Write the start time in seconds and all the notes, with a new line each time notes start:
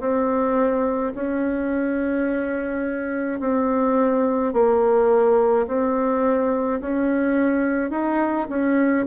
0.00 C4
1.15 C#4
3.40 C4
4.53 A#3
5.67 C4
6.81 C#4
7.90 D#4
8.49 C#4